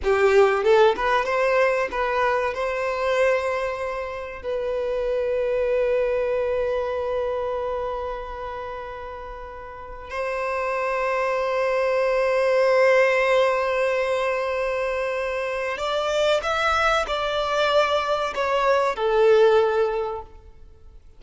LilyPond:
\new Staff \with { instrumentName = "violin" } { \time 4/4 \tempo 4 = 95 g'4 a'8 b'8 c''4 b'4 | c''2. b'4~ | b'1~ | b'1 |
c''1~ | c''1~ | c''4 d''4 e''4 d''4~ | d''4 cis''4 a'2 | }